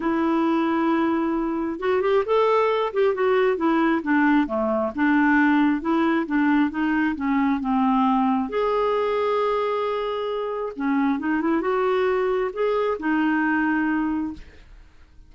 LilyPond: \new Staff \with { instrumentName = "clarinet" } { \time 4/4 \tempo 4 = 134 e'1 | fis'8 g'8 a'4. g'8 fis'4 | e'4 d'4 a4 d'4~ | d'4 e'4 d'4 dis'4 |
cis'4 c'2 gis'4~ | gis'1 | cis'4 dis'8 e'8 fis'2 | gis'4 dis'2. | }